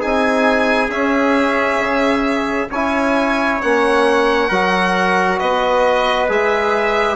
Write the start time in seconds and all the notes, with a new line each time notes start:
0.00 C4 D#4 G#4 G#5
0.89 C#4 E5
1.78 C#3
2.70 C#4 E4 C#5 G#5
3.61 A#3 C#4 F#5
4.48 F#3 F#4 A#4
5.39 B3 B4 D#5
6.28 G#3 G#4 E5